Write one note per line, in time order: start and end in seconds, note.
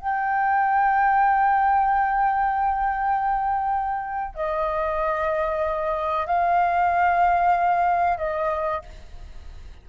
0.00 4.35 G5
4.35 6.27 D#5
6.27 8.18 F5
8.18 8.82 D#5